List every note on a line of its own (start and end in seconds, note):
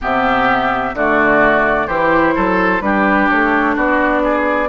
0.01 0.94 C3
0.01 0.95 B3
0.01 0.95 G4
0.01 0.96 E5
0.94 1.87 D3
0.94 1.88 A3
0.94 1.87 F#4
0.94 1.87 D5
1.87 2.34 E3
1.87 2.81 E4
1.87 2.34 G4
1.87 2.81 C5
2.35 2.80 F#3
2.35 2.82 A4
2.80 3.27 G3
2.80 4.68 D4
2.80 3.75 G4
2.80 3.28 B4
3.29 3.76 A3
3.29 3.76 C#5
3.75 4.68 B3
3.75 4.22 F#4
3.75 4.68 D5
4.23 4.68 G#4